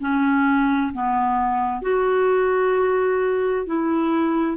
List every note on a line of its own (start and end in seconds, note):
0.00 0.92 C#4
0.93 1.81 B3
1.81 3.66 F#4
3.66 4.57 E4